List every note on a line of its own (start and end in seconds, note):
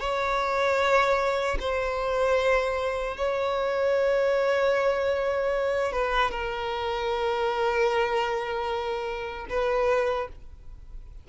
0.00 1.58 C#5
1.60 3.18 C5
3.18 5.93 C#5
5.93 6.31 B4
6.31 9.47 A#4
9.50 10.29 B4